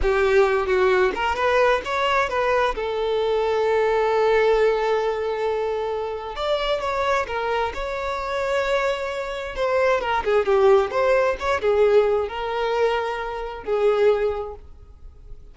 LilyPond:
\new Staff \with { instrumentName = "violin" } { \time 4/4 \tempo 4 = 132 g'4. fis'4 ais'8 b'4 | cis''4 b'4 a'2~ | a'1~ | a'2 d''4 cis''4 |
ais'4 cis''2.~ | cis''4 c''4 ais'8 gis'8 g'4 | c''4 cis''8 gis'4. ais'4~ | ais'2 gis'2 | }